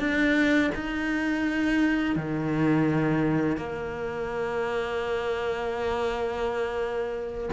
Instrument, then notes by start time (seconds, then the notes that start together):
cello
0.00 D4
0.75 D#4
2.16 D#3
3.57 A#3